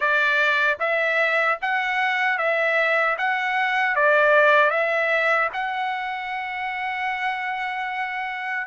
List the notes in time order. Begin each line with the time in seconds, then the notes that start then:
0.00 D5
0.79 E5
1.61 F#5
2.38 E5
3.18 F#5
3.95 D5
4.70 E5
5.53 F#5